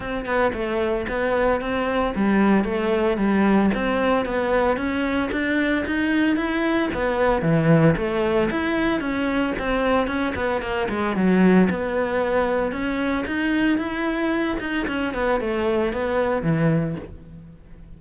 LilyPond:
\new Staff \with { instrumentName = "cello" } { \time 4/4 \tempo 4 = 113 c'8 b8 a4 b4 c'4 | g4 a4 g4 c'4 | b4 cis'4 d'4 dis'4 | e'4 b4 e4 a4 |
e'4 cis'4 c'4 cis'8 b8 | ais8 gis8 fis4 b2 | cis'4 dis'4 e'4. dis'8 | cis'8 b8 a4 b4 e4 | }